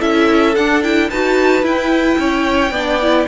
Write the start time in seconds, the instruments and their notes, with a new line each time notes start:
0.00 cello C#4, viola E4, violin A4 E5
0.55 cello D4, viola D4, violin F#5
0.83 viola E4, violin G5
1.10 cello D#4, viola F#4, violin B4 A5
1.63 viola E4, cello E4, violin G5
2.19 cello C#4, violin C#5
2.71 cello B3, viola D4, violin D5
3.02 viola E4